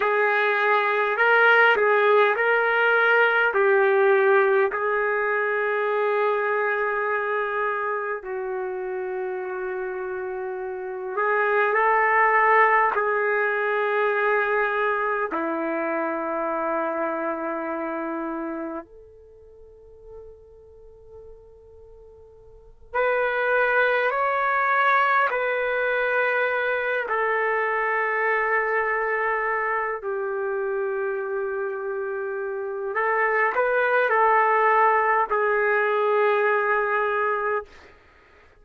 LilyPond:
\new Staff \with { instrumentName = "trumpet" } { \time 4/4 \tempo 4 = 51 gis'4 ais'8 gis'8 ais'4 g'4 | gis'2. fis'4~ | fis'4. gis'8 a'4 gis'4~ | gis'4 e'2. |
a'2.~ a'8 b'8~ | b'8 cis''4 b'4. a'4~ | a'4. g'2~ g'8 | a'8 b'8 a'4 gis'2 | }